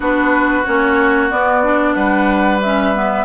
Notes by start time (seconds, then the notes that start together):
0.00 B3 D4 F#4 B4
0.65 A#3 C#4 C#5
1.30 B3 D5
1.63 D4
1.93 G3 B4 F#5
2.61 C#4 E5
2.94 B3